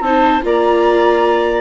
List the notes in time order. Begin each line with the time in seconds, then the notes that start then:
0.00 C4 D#4 C5 A5
0.41 A#3 F4 D5 A#5